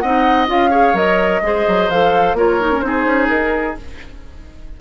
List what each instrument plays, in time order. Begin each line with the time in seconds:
0.00 bassoon C4, clarinet D#4, oboe D#5, flute F#5
0.47 bassoon C#4, clarinet F4, flute F5
0.71 clarinet G#4, oboe C#5
0.94 bassoon F#3, clarinet A#4, flute D#5
1.42 bassoon G#3, clarinet G#4, oboe C5
1.68 bassoon F#3
1.90 bassoon F3, clarinet A4, flute F5
2.34 bassoon A#3, clarinet F4, oboe A#4, flute C#5
2.61 clarinet D#4
2.72 clarinet C#4
2.81 bassoon C4, clarinet D#4, flute C5
2.87 oboe G#4
3.06 bassoon C#4
3.29 bassoon D#4, flute A#4